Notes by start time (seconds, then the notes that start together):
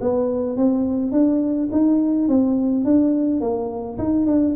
0.00 B3
0.56 C4
1.11 D4
1.71 D#4
2.28 C4
2.84 D4
3.40 A#3
3.98 D#4
4.26 D4